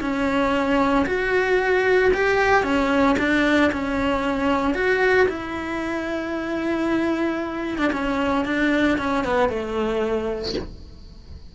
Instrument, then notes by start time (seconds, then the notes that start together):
cello
0.00 C#4
1.06 F#4
2.13 G4
2.63 C#4
3.18 D4
3.72 C#4
4.74 F#4
5.28 E4
7.78 D4
7.92 C#4
8.45 D4
8.98 C#4
9.24 B3
9.49 A3